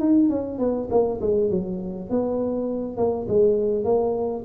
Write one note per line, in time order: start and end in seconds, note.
0.00 0.30 D#4
0.30 0.59 C#4
0.59 0.89 B3
0.91 1.20 A#3
1.21 1.51 G#3
1.51 2.10 F#3
2.10 2.97 B3
2.97 3.27 A#3
3.29 3.85 G#3
3.85 4.44 A#3